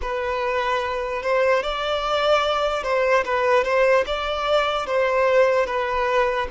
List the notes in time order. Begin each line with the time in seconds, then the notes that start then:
0.01 B4
1.22 C5
1.62 D5
2.83 C5
3.24 B4
3.63 C5
4.06 D5
4.86 C5
5.66 B4